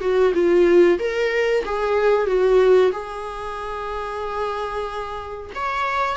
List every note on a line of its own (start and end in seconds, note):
0.00 0.32 F#4
0.34 0.98 F4
0.99 1.63 A#4
1.65 2.26 G#4
2.26 2.91 F#4
2.92 5.50 G#4
5.55 6.16 C#5